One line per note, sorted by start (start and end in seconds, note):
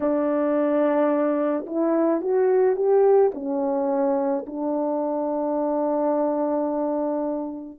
0.00 1.65 D4
1.66 2.21 E4
2.21 2.75 F#4
2.75 3.31 G4
3.34 4.45 C#4
4.46 7.79 D4